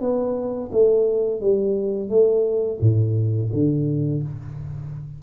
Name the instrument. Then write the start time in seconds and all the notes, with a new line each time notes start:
tuba
0.00 B3
0.72 A3
1.40 G3
2.09 A3
2.80 A2
3.53 D3